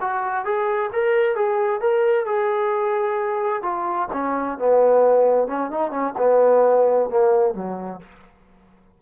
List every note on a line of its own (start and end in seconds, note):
0.00 0.45 F#4
0.45 0.90 G#4
0.92 1.36 A#4
1.36 1.81 G#4
1.81 2.25 A#4
2.25 3.62 G#4
3.62 4.08 F4
4.12 4.58 C#4
4.58 5.48 B3
5.48 5.70 C#4
5.70 5.90 D#4
5.90 6.13 C#4
6.18 7.09 B3
7.09 7.54 A#3
7.54 8.00 F#3